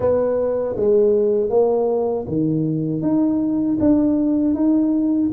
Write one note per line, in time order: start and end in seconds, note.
0.00 0.76 B3
0.76 1.49 G#3
1.49 2.25 A#3
2.28 3.02 D#3
3.02 3.78 D#4
3.80 4.54 D4
4.54 5.30 D#4